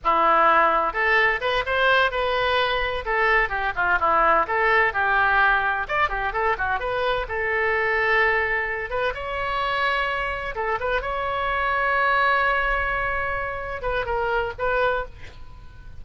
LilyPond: \new Staff \with { instrumentName = "oboe" } { \time 4/4 \tempo 4 = 128 e'2 a'4 b'8 c''8~ | c''8 b'2 a'4 g'8 | f'8 e'4 a'4 g'4.~ | g'8 d''8 g'8 a'8 fis'8 b'4 a'8~ |
a'2. b'8 cis''8~ | cis''2~ cis''8 a'8 b'8 cis''8~ | cis''1~ | cis''4. b'8 ais'4 b'4 | }